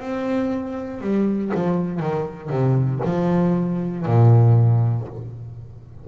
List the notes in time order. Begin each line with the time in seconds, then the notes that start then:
0.00 C4
1.01 G3
1.54 F3
2.00 D#3
2.50 C3
3.04 F3
4.06 A#2